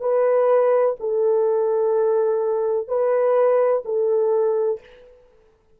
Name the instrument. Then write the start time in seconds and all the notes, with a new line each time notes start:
horn
0.00 B4
1.00 A4
2.88 B4
3.85 A4